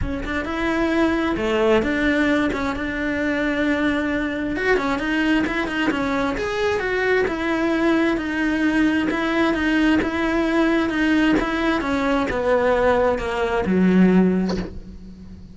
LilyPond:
\new Staff \with { instrumentName = "cello" } { \time 4/4 \tempo 4 = 132 cis'8 d'8 e'2 a4 | d'4. cis'8 d'2~ | d'2 fis'8 cis'8 dis'4 | e'8 dis'8 cis'4 gis'4 fis'4 |
e'2 dis'2 | e'4 dis'4 e'2 | dis'4 e'4 cis'4 b4~ | b4 ais4 fis2 | }